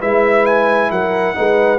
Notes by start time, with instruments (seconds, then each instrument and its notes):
0.00 tuba G#3, trombone E4, horn B4, trumpet E5
0.46 trumpet G#5
0.91 tuba F#3, horn A#4, trumpet F#5
1.35 tuba G#3, trombone D#4, horn B4